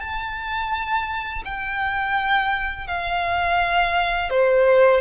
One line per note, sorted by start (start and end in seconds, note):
0.00 1.43 A5
1.45 2.87 G5
2.87 4.30 F5
4.30 5.01 C5